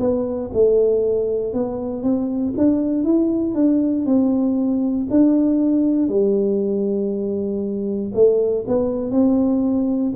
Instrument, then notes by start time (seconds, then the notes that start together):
tuba
0.00 B3
0.53 A3
1.53 B3
2.03 C4
2.57 D4
3.04 E4
3.55 D4
4.06 C4
5.10 D4
6.09 G3
8.14 A3
8.68 B3
9.11 C4